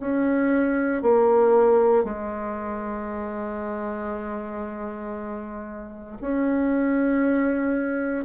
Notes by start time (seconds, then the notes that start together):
0.00 C#4
1.03 A#3
2.04 G#3
6.21 C#4